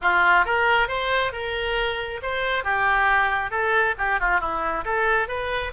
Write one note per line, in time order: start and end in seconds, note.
0.01 0.45 F4
0.45 0.88 A#4
0.88 1.32 C5
1.32 2.20 A#4
2.22 2.64 C5
2.64 3.51 G4
3.51 3.95 A4
3.98 4.20 G4
4.20 4.40 F4
4.40 4.84 E4
4.84 5.28 A4
5.28 5.72 B4